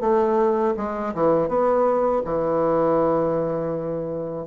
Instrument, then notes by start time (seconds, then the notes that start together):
bassoon
0.00 A3
0.76 G#3
1.14 E3
1.48 B3
2.25 E3